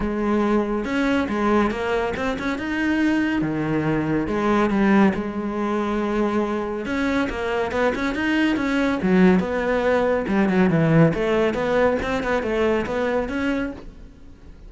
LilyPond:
\new Staff \with { instrumentName = "cello" } { \time 4/4 \tempo 4 = 140 gis2 cis'4 gis4 | ais4 c'8 cis'8 dis'2 | dis2 gis4 g4 | gis1 |
cis'4 ais4 b8 cis'8 dis'4 | cis'4 fis4 b2 | g8 fis8 e4 a4 b4 | c'8 b8 a4 b4 cis'4 | }